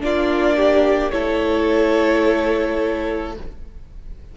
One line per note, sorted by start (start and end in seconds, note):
0.00 1.13 A#3
0.00 1.11 D4
0.00 0.56 F4
0.00 1.11 D5
0.56 1.12 G4
1.11 3.37 A3
1.11 3.34 E4
1.11 3.35 A4
1.11 3.33 C#5